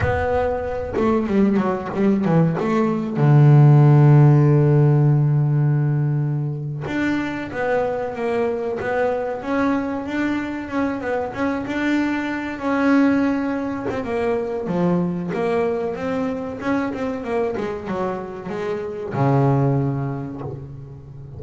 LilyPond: \new Staff \with { instrumentName = "double bass" } { \time 4/4 \tempo 4 = 94 b4. a8 g8 fis8 g8 e8 | a4 d2.~ | d2~ d8. d'4 b16~ | b8. ais4 b4 cis'4 d'16~ |
d'8. cis'8 b8 cis'8 d'4. cis'16~ | cis'4.~ cis'16 c'16 ais4 f4 | ais4 c'4 cis'8 c'8 ais8 gis8 | fis4 gis4 cis2 | }